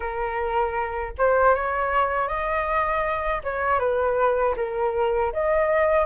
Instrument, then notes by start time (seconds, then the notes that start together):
flute
0.00 A#4
1.17 C5
1.54 C#5
2.28 D#5
3.43 C#5
3.79 B4
4.56 A#4
5.32 D#5